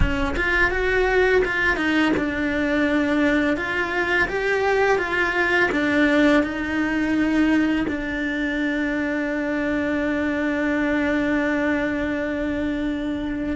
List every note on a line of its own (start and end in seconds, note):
0.00 0.35 C#4
0.36 0.70 F4
0.70 1.42 F#4
1.44 1.76 F4
1.76 2.12 D#4
2.17 3.56 D4
3.56 4.28 F4
4.28 4.98 G4
4.98 5.69 F4
5.71 6.43 D4
6.43 7.86 D#4
7.88 13.56 D4